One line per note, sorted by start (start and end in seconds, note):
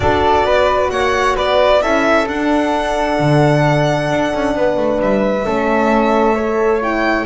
0.00 0.43 D4
0.00 1.80 F#4
0.00 0.45 A4
0.00 0.90 D5
0.44 0.89 B3
0.44 0.91 B4
0.90 1.36 A#3
0.90 1.35 C#5
0.90 1.35 F#5
1.35 1.83 B3
1.35 1.81 B4
1.35 1.82 D5
1.81 2.28 C#4
1.81 2.27 E4
1.81 4.54 A4
1.81 2.27 E5
2.27 5.43 D4
2.27 3.19 D4
2.27 5.01 F#5
3.19 4.10 D3
4.10 4.33 D4
4.34 4.55 C#4
4.55 4.76 B3
4.55 5.45 B4
4.76 4.99 A3
5.00 5.45 G3
5.00 6.82 E5
5.43 7.25 A3
5.43 6.34 C#4
5.43 6.35 A4
6.35 6.81 A4
6.35 7.25 C#5
6.81 7.25 E4
6.81 7.25 G5